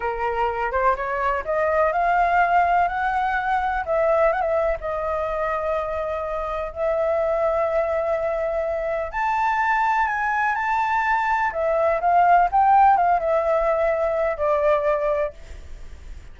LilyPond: \new Staff \with { instrumentName = "flute" } { \time 4/4 \tempo 4 = 125 ais'4. c''8 cis''4 dis''4 | f''2 fis''2 | e''4 fis''16 e''8. dis''2~ | dis''2 e''2~ |
e''2. a''4~ | a''4 gis''4 a''2 | e''4 f''4 g''4 f''8 e''8~ | e''2 d''2 | }